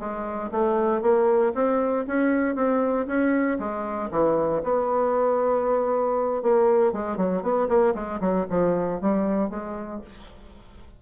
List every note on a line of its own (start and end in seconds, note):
0.00 0.51 G#3
0.52 1.02 A3
1.02 1.53 A#3
1.55 2.06 C4
2.07 2.56 C#4
2.56 3.07 C4
3.07 3.59 C#4
3.60 4.11 G#3
4.11 4.63 E3
4.64 6.43 B3
6.43 6.93 A#3
6.93 7.17 G#3
7.17 7.43 F#3
7.43 7.69 B3
7.69 7.95 A#3
7.95 8.21 G#3
8.21 8.47 F#3
8.51 9.02 F3
9.02 9.51 G3
9.51 10.02 G#3